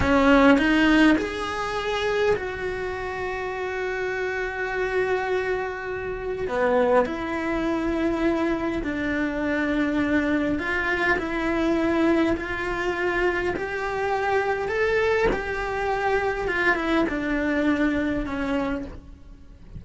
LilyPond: \new Staff \with { instrumentName = "cello" } { \time 4/4 \tempo 4 = 102 cis'4 dis'4 gis'2 | fis'1~ | fis'2. b4 | e'2. d'4~ |
d'2 f'4 e'4~ | e'4 f'2 g'4~ | g'4 a'4 g'2 | f'8 e'8 d'2 cis'4 | }